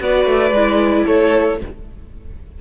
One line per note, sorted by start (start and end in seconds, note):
0.00 0.26 B3
0.00 0.53 F#4
0.00 1.06 B4
0.00 1.07 D5
0.26 0.52 A3
0.52 1.04 G#3
0.52 1.62 E4
1.06 1.61 A3
1.06 1.58 A4
1.06 1.60 C#5